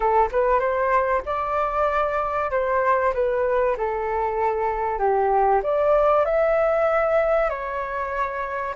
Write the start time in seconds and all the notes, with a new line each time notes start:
0.00 A4
0.31 B4
0.59 C5
1.25 D5
2.50 C5
3.14 B4
3.77 A4
4.99 G4
5.62 D5
6.25 E5
7.49 C#5